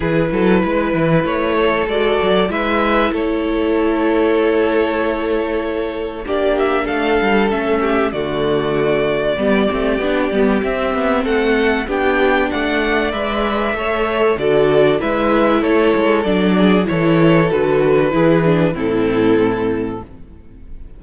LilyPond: <<
  \new Staff \with { instrumentName = "violin" } { \time 4/4 \tempo 4 = 96 b'2 cis''4 d''4 | e''4 cis''2.~ | cis''2 d''8 e''8 f''4 | e''4 d''2.~ |
d''4 e''4 fis''4 g''4 | fis''4 e''2 d''4 | e''4 cis''4 d''4 cis''4 | b'2 a'2 | }
  \new Staff \with { instrumentName = "violin" } { \time 4/4 gis'8 a'8 b'4. a'4. | b'4 a'2.~ | a'2 g'4 a'4~ | a'8 g'8 fis'2 g'4~ |
g'2 a'4 g'4 | d''2 cis''4 a'4 | b'4 a'4. gis'8 a'4~ | a'4 gis'4 e'2 | }
  \new Staff \with { instrumentName = "viola" } { \time 4/4 e'2. fis'4 | e'1~ | e'2 d'2 | cis'4 a2 b8 c'8 |
d'8 b8 c'2 d'4~ | d'4 b'4 a'4 fis'4 | e'2 d'4 e'4 | fis'4 e'8 d'8 c'2 | }
  \new Staff \with { instrumentName = "cello" } { \time 4/4 e8 fis8 gis8 e8 a4 gis8 fis8 | gis4 a2.~ | a2 ais4 a8 g8 | a4 d2 g8 a8 |
b8 g8 c'8 b8 a4 b4 | a4 gis4 a4 d4 | gis4 a8 gis8 fis4 e4 | d4 e4 a,2 | }
>>